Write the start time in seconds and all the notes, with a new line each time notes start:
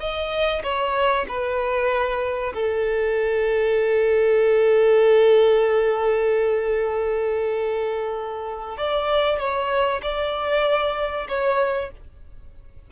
0.00 D#5
0.64 C#5
1.28 B4
2.54 A4
8.78 D5
9.39 C#5
10.03 D5
11.29 C#5